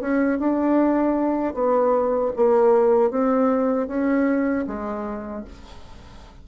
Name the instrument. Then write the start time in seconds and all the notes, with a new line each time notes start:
bassoon
0.00 C#4
0.39 D4
1.54 B3
2.36 A#3
3.10 C4
3.87 C#4
4.67 G#3